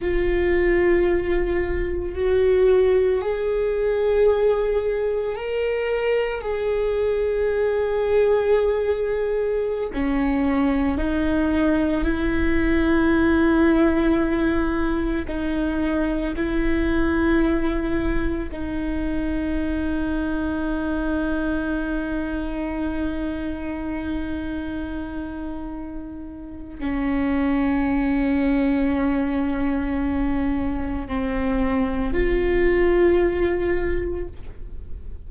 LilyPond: \new Staff \with { instrumentName = "viola" } { \time 4/4 \tempo 4 = 56 f'2 fis'4 gis'4~ | gis'4 ais'4 gis'2~ | gis'4~ gis'16 cis'4 dis'4 e'8.~ | e'2~ e'16 dis'4 e'8.~ |
e'4~ e'16 dis'2~ dis'8.~ | dis'1~ | dis'4 cis'2.~ | cis'4 c'4 f'2 | }